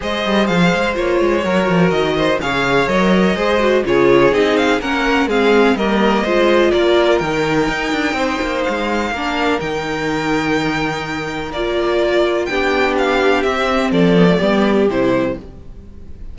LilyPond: <<
  \new Staff \with { instrumentName = "violin" } { \time 4/4 \tempo 4 = 125 dis''4 f''4 cis''2 | dis''4 f''4 dis''2 | cis''4 dis''8 f''8 fis''4 f''4 | dis''2 d''4 g''4~ |
g''2 f''2 | g''1 | d''2 g''4 f''4 | e''4 d''2 c''4 | }
  \new Staff \with { instrumentName = "violin" } { \time 4/4 c''2. ais'4~ | ais'8 c''8 cis''2 c''4 | gis'2 ais'4 gis'4 | ais'4 c''4 ais'2~ |
ais'4 c''2 ais'4~ | ais'1~ | ais'2 g'2~ | g'4 a'4 g'2 | }
  \new Staff \with { instrumentName = "viola" } { \time 4/4 gis'2 f'4 fis'4~ | fis'4 gis'4 ais'4 gis'8 fis'8 | f'4 dis'4 cis'4 c'4 | ais4 f'2 dis'4~ |
dis'2. d'4 | dis'1 | f'2 d'2 | c'4. b16 a16 b4 e'4 | }
  \new Staff \with { instrumentName = "cello" } { \time 4/4 gis8 g8 f8 gis8 ais8 gis8 fis8 f8 | dis4 cis4 fis4 gis4 | cis4 c'4 ais4 gis4 | g4 gis4 ais4 dis4 |
dis'8 d'8 c'8 ais8 gis4 ais4 | dis1 | ais2 b2 | c'4 f4 g4 c4 | }
>>